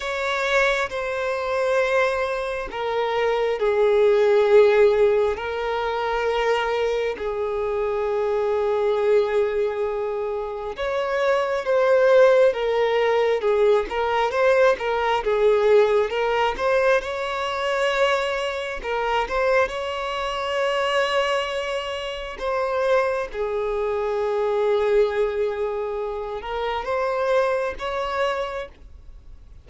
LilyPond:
\new Staff \with { instrumentName = "violin" } { \time 4/4 \tempo 4 = 67 cis''4 c''2 ais'4 | gis'2 ais'2 | gis'1 | cis''4 c''4 ais'4 gis'8 ais'8 |
c''8 ais'8 gis'4 ais'8 c''8 cis''4~ | cis''4 ais'8 c''8 cis''2~ | cis''4 c''4 gis'2~ | gis'4. ais'8 c''4 cis''4 | }